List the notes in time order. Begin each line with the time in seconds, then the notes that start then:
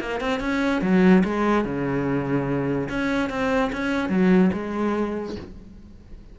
0.00 A#3
0.20 C4
0.40 C#4
0.81 F#3
1.24 G#3
1.64 C#3
2.89 C#4
3.29 C4
3.72 C#4
4.09 F#3
4.53 G#3